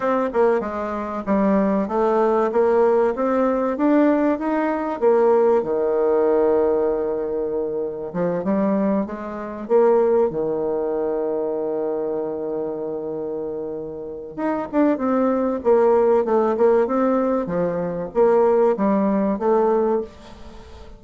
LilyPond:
\new Staff \with { instrumentName = "bassoon" } { \time 4/4 \tempo 4 = 96 c'8 ais8 gis4 g4 a4 | ais4 c'4 d'4 dis'4 | ais4 dis2.~ | dis4 f8 g4 gis4 ais8~ |
ais8 dis2.~ dis8~ | dis2. dis'8 d'8 | c'4 ais4 a8 ais8 c'4 | f4 ais4 g4 a4 | }